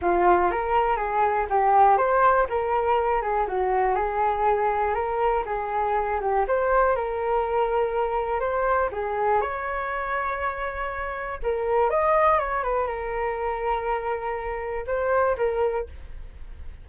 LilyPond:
\new Staff \with { instrumentName = "flute" } { \time 4/4 \tempo 4 = 121 f'4 ais'4 gis'4 g'4 | c''4 ais'4. gis'8 fis'4 | gis'2 ais'4 gis'4~ | gis'8 g'8 c''4 ais'2~ |
ais'4 c''4 gis'4 cis''4~ | cis''2. ais'4 | dis''4 cis''8 b'8 ais'2~ | ais'2 c''4 ais'4 | }